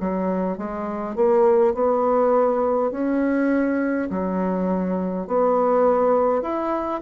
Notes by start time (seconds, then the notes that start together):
0.00 F#3
0.57 G#3
1.16 A#3
1.74 B3
2.91 C#4
4.10 F#3
5.27 B3
6.42 E4